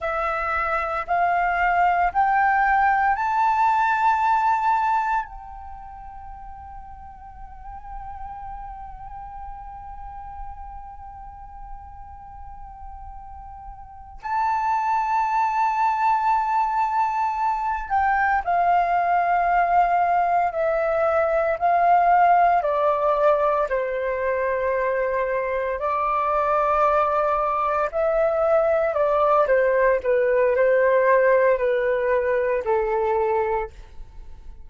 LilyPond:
\new Staff \with { instrumentName = "flute" } { \time 4/4 \tempo 4 = 57 e''4 f''4 g''4 a''4~ | a''4 g''2.~ | g''1~ | g''4. a''2~ a''8~ |
a''4 g''8 f''2 e''8~ | e''8 f''4 d''4 c''4.~ | c''8 d''2 e''4 d''8 | c''8 b'8 c''4 b'4 a'4 | }